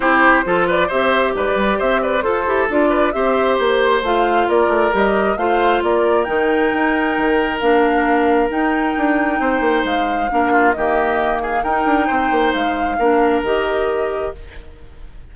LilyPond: <<
  \new Staff \with { instrumentName = "flute" } { \time 4/4 \tempo 4 = 134 c''4. d''8 e''4 d''4 | e''8 d''8 c''4 d''4 e''4 | c''4 f''4 d''4 dis''4 | f''4 d''4 g''2~ |
g''4 f''2 g''4~ | g''2 f''2 | dis''4. f''8 g''2 | f''2 dis''2 | }
  \new Staff \with { instrumentName = "oboe" } { \time 4/4 g'4 a'8 b'8 c''4 b'4 | c''8 b'8 a'4. b'8 c''4~ | c''2 ais'2 | c''4 ais'2.~ |
ais'1~ | ais'4 c''2 ais'8 f'8 | g'4. gis'8 ais'4 c''4~ | c''4 ais'2. | }
  \new Staff \with { instrumentName = "clarinet" } { \time 4/4 e'4 f'4 g'2~ | g'4 a'8 g'8 f'4 g'4~ | g'4 f'2 g'4 | f'2 dis'2~ |
dis'4 d'2 dis'4~ | dis'2. d'4 | ais2 dis'2~ | dis'4 d'4 g'2 | }
  \new Staff \with { instrumentName = "bassoon" } { \time 4/4 c'4 f4 c'4 gis,8 g8 | c'4 f'8 e'8 d'4 c'4 | ais4 a4 ais8 a8 g4 | a4 ais4 dis4 dis'4 |
dis4 ais2 dis'4 | d'4 c'8 ais8 gis4 ais4 | dis2 dis'8 d'8 c'8 ais8 | gis4 ais4 dis2 | }
>>